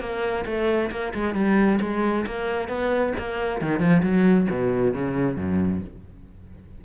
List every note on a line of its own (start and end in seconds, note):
0.00 0.45 A#3
0.46 0.91 A3
0.91 1.13 A#3
1.14 1.34 G#3
1.34 1.79 G3
1.81 2.26 G#3
2.27 2.68 A#3
2.68 3.13 B3
3.19 3.61 A#3
3.61 3.80 D#3
3.80 4.02 F3
4.03 4.48 F#3
4.50 4.94 B2
4.94 5.37 C#3
5.37 5.81 F#2